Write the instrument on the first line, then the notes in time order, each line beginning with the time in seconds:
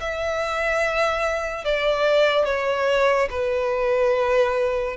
violin
0.00 E5
1.64 D5
2.45 C#5
3.30 B4